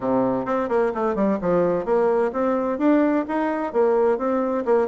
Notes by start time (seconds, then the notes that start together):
0.00 C3
0.45 C4
0.68 A#3
0.94 A3
1.15 G3
1.41 F3
1.85 A#3
2.32 C4
2.78 D4
3.28 D#4
3.72 A#3
4.17 C4
4.65 A#3